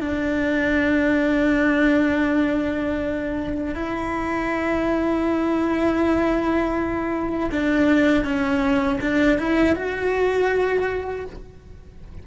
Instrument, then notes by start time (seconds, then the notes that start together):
cello
0.00 D4
3.74 E4
7.51 D4
8.24 C#4
9.00 D4
9.38 E4
9.75 F#4